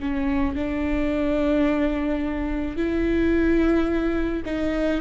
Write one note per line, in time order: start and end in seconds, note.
0.00 0.55 C#4
0.55 2.77 D4
2.77 4.43 E4
4.46 5.02 D#4